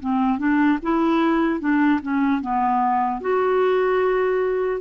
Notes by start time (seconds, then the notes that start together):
0.00 C4
0.38 D4
0.83 E4
1.60 D4
2.02 C#4
2.41 B3
3.21 F#4